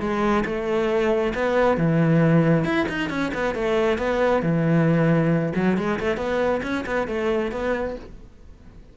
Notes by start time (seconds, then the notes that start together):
0.00 G#3
0.45 A3
1.35 B3
1.77 E3
2.65 E4
2.89 D#4
3.10 C#4
3.34 B3
3.55 A3
3.98 B3
4.43 E3
5.55 F#3
5.77 G#3
6.00 A3
6.17 B3
6.63 C#4
6.86 B3
7.08 A3
7.52 B3